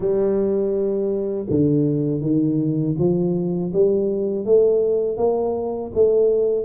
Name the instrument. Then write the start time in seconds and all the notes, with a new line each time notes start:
tuba
0.00 G3
1.50 D3
2.21 D#3
2.98 F3
3.73 G3
4.45 A3
5.17 A#3
5.94 A3